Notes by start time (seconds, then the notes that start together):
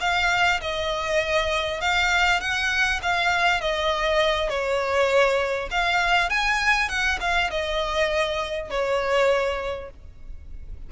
0.00 F5
0.60 D#5
1.81 F5
2.40 F#5
3.02 F5
3.60 D#5
4.49 C#5
5.70 F5
6.29 G#5
6.88 F#5
7.20 F5
7.50 D#5
8.70 C#5